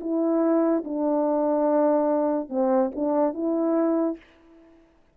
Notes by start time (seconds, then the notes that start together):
0.00 E4
0.84 D4
2.48 C4
2.95 D4
3.33 E4